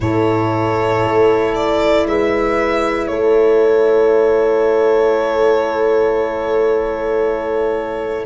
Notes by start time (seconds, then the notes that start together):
0.00 A2 E4 A4 C#5
1.04 A3
1.55 D5
2.05 G#3 B4 E5
3.07 A3 A4 C#5